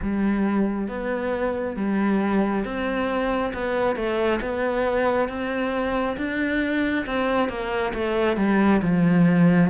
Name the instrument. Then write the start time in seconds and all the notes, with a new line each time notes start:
cello
0.02 G3
0.88 B3
1.76 G3
2.64 C4
3.53 B3
3.95 A3
4.41 B3
5.28 C4
6.17 D4
7.06 C4
7.48 A#3
7.94 A3
8.37 G3
8.82 F3